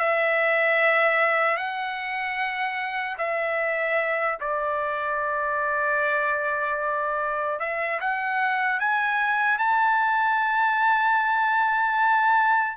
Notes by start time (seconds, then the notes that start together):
0.00 E5
1.57 F#5
3.19 E5
4.41 D5
7.60 E5
8.01 F#5
8.80 G#5
9.59 A5